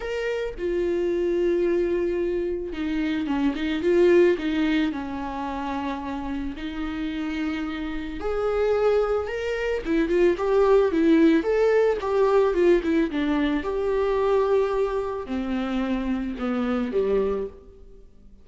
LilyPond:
\new Staff \with { instrumentName = "viola" } { \time 4/4 \tempo 4 = 110 ais'4 f'2.~ | f'4 dis'4 cis'8 dis'8 f'4 | dis'4 cis'2. | dis'2. gis'4~ |
gis'4 ais'4 e'8 f'8 g'4 | e'4 a'4 g'4 f'8 e'8 | d'4 g'2. | c'2 b4 g4 | }